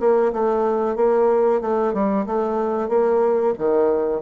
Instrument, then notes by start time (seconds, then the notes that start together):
bassoon
0.00 A#3
0.33 A3
0.96 A#3
1.61 A3
1.93 G3
2.26 A3
2.89 A#3
3.58 D#3